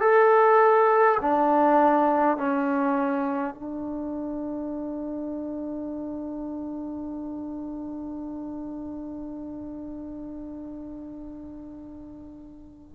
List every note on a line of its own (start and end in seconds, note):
0.00 1.18 A4
1.21 2.37 D4
2.37 3.54 C#4
3.54 12.95 D4